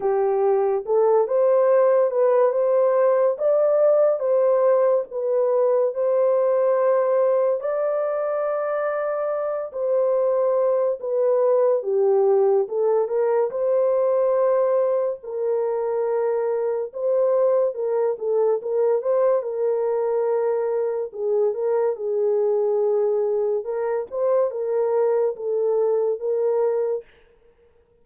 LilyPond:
\new Staff \with { instrumentName = "horn" } { \time 4/4 \tempo 4 = 71 g'4 a'8 c''4 b'8 c''4 | d''4 c''4 b'4 c''4~ | c''4 d''2~ d''8 c''8~ | c''4 b'4 g'4 a'8 ais'8 |
c''2 ais'2 | c''4 ais'8 a'8 ais'8 c''8 ais'4~ | ais'4 gis'8 ais'8 gis'2 | ais'8 c''8 ais'4 a'4 ais'4 | }